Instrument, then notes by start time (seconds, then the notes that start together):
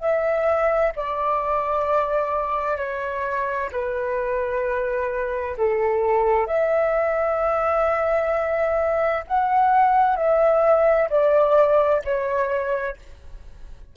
flute
0.00 E5
0.97 D5
2.77 C#5
3.72 B4
5.57 A4
6.47 E5
9.27 F#5
10.17 E5
11.10 D5
12.05 C#5